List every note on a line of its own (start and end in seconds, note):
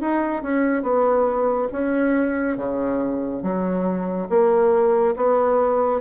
0.00 0.42 D#4
0.42 0.82 C#4
0.82 1.68 B3
1.72 2.57 C#4
2.57 3.42 C#3
3.42 4.28 F#3
4.29 5.15 A#3
5.15 6.00 B3